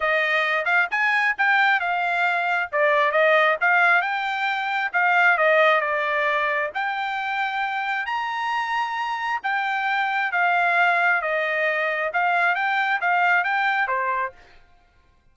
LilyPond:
\new Staff \with { instrumentName = "trumpet" } { \time 4/4 \tempo 4 = 134 dis''4. f''8 gis''4 g''4 | f''2 d''4 dis''4 | f''4 g''2 f''4 | dis''4 d''2 g''4~ |
g''2 ais''2~ | ais''4 g''2 f''4~ | f''4 dis''2 f''4 | g''4 f''4 g''4 c''4 | }